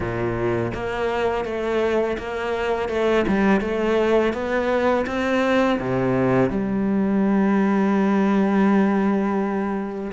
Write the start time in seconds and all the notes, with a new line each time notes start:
0.00 A#2
0.74 A#3
1.45 A3
2.18 A#3
2.88 A3
3.27 G3
3.60 A3
4.33 B3
5.06 C4
5.79 C3
6.50 G3